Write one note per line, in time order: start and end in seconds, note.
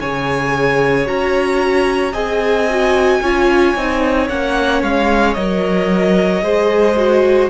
0.00 1.08 C#3
0.00 1.06 G#4
0.00 2.12 C#5
0.00 1.07 G#5
1.06 2.14 C#4
1.06 2.13 F#4
1.06 2.14 A#5
2.12 3.21 C4
2.12 2.67 G#4
2.12 3.20 D#5
2.12 4.28 G#5
2.70 3.23 F#4
3.21 3.75 C#4
3.21 3.77 F4
3.21 6.44 C#5
3.75 4.29 C4
3.75 4.29 D#4
4.29 4.83 A#3
4.29 5.37 C#4
4.29 4.82 F#5
4.83 5.36 G#3
4.83 5.34 F5
5.34 6.42 F#3
5.34 6.42 A#4
5.34 7.48 D#5
6.42 7.49 G#3
6.42 6.96 G#4
6.42 7.50 C5
6.97 7.50 F#4